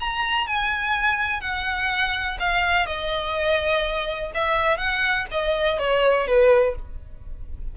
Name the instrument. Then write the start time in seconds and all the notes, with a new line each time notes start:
violin
0.00 A#5
0.47 G#5
1.41 F#5
2.40 F5
2.86 D#5
4.34 E5
4.77 F#5
5.31 D#5
5.79 C#5
6.27 B4